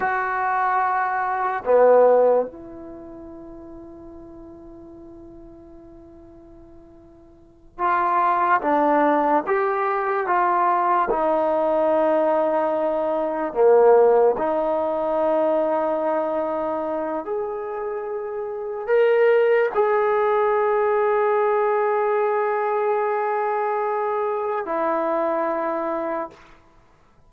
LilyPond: \new Staff \with { instrumentName = "trombone" } { \time 4/4 \tempo 4 = 73 fis'2 b4 e'4~ | e'1~ | e'4. f'4 d'4 g'8~ | g'8 f'4 dis'2~ dis'8~ |
dis'8 ais4 dis'2~ dis'8~ | dis'4 gis'2 ais'4 | gis'1~ | gis'2 e'2 | }